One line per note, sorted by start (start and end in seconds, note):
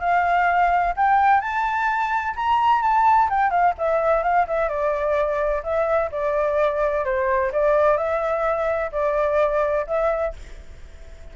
0.00 0.94 F5
0.96 1.40 G5
1.40 2.34 A5
2.36 2.82 A#5
2.82 3.29 A5
3.29 3.50 G5
3.50 3.74 F5
3.78 4.23 E5
4.23 4.46 F5
4.47 4.69 E5
4.69 5.62 D5
5.63 6.10 E5
6.12 7.05 D5
7.05 7.51 C5
7.52 7.97 D5
7.97 8.91 E5
8.92 9.86 D5
9.87 10.34 E5